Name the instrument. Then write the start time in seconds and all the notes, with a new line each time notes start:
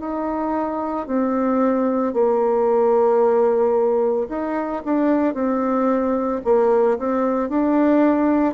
bassoon
0.00 D#4
1.07 C4
2.14 A#3
4.29 D#4
4.85 D4
5.35 C4
6.45 A#3
6.99 C4
7.50 D4